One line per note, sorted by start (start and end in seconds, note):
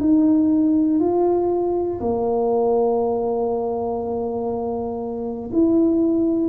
0.00 1.00 D#4
1.00 2.00 F4
2.01 5.51 A#3
5.53 6.50 E4